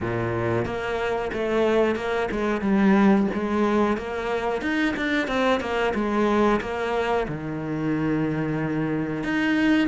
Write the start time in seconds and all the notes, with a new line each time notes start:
0.01 A#2
0.65 A#3
1.32 A3
1.95 A#3
2.31 G#3
2.61 G3
3.33 G#3
3.97 A#3
4.61 D#4
4.96 D4
5.27 C4
5.60 A#3
5.94 G#3
6.61 A#3
7.27 D#3
9.23 D#4